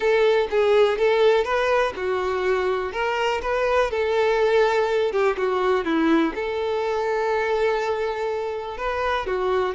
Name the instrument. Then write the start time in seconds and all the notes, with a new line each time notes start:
violin
0.00 A4
0.50 G#4
0.98 A4
1.44 B4
1.95 F#4
2.92 A#4
3.41 B4
3.90 A4
5.12 G4
5.37 F#4
5.84 E4
6.34 A4
8.77 B4
9.26 F#4